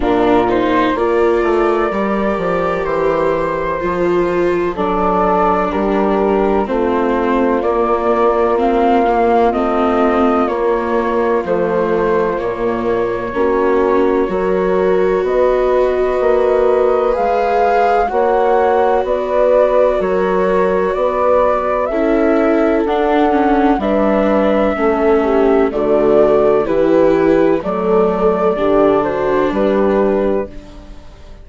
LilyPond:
<<
  \new Staff \with { instrumentName = "flute" } { \time 4/4 \tempo 4 = 63 ais'8 c''8 d''2 c''4~ | c''4 d''4 ais'4 c''4 | d''4 f''4 dis''4 cis''4 | c''4 cis''2. |
dis''2 f''4 fis''4 | d''4 cis''4 d''4 e''4 | fis''4 e''2 d''4 | b'4 d''4. c''8 b'4 | }
  \new Staff \with { instrumentName = "horn" } { \time 4/4 f'4 ais'2.~ | ais'4 a'4 g'4 f'4~ | f'1~ | f'2 fis'4 ais'4 |
b'2. cis''4 | b'4 ais'4 b'4 a'4~ | a'4 b'4 a'8 g'8 fis'4 | g'4 a'4 g'8 fis'8 g'4 | }
  \new Staff \with { instrumentName = "viola" } { \time 4/4 d'8 dis'8 f'4 g'2 | f'4 d'2 c'4 | ais4 c'8 ais8 c'4 ais4 | a4 ais4 cis'4 fis'4~ |
fis'2 gis'4 fis'4~ | fis'2. e'4 | d'8 cis'8 d'4 cis'4 a4 | e'4 a4 d'2 | }
  \new Staff \with { instrumentName = "bassoon" } { \time 4/4 ais,4 ais8 a8 g8 f8 e4 | f4 fis4 g4 a4 | ais2 a4 ais4 | f4 ais,4 ais4 fis4 |
b4 ais4 gis4 ais4 | b4 fis4 b4 cis'4 | d'4 g4 a4 d4 | e4 fis4 d4 g4 | }
>>